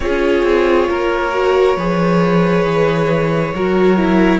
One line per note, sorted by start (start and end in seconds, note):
0.00 0.43 C#4
0.00 1.32 F4
0.00 0.89 G#4
0.00 4.39 C#5
0.43 0.87 C4
0.89 1.76 A#3
0.89 1.76 A#4
1.32 1.76 F#4
1.76 2.63 F3
1.76 3.55 G#4
1.76 3.53 B4
2.63 3.51 E3
3.54 4.39 F#3
3.54 3.97 F#4
3.54 4.39 A#4
3.97 4.39 E4